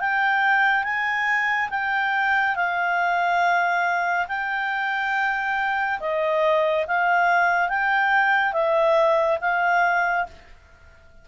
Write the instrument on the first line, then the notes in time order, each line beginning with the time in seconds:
clarinet
0.00 G5
0.84 G#5
1.70 G5
2.56 F5
4.28 G5
6.00 D#5
6.87 F5
7.69 G5
8.53 E5
9.41 F5